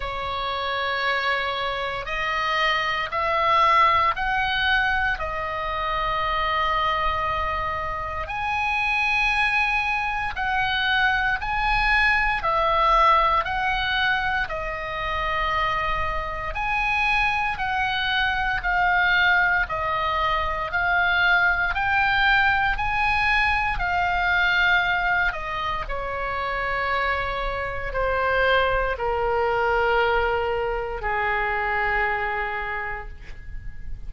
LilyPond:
\new Staff \with { instrumentName = "oboe" } { \time 4/4 \tempo 4 = 58 cis''2 dis''4 e''4 | fis''4 dis''2. | gis''2 fis''4 gis''4 | e''4 fis''4 dis''2 |
gis''4 fis''4 f''4 dis''4 | f''4 g''4 gis''4 f''4~ | f''8 dis''8 cis''2 c''4 | ais'2 gis'2 | }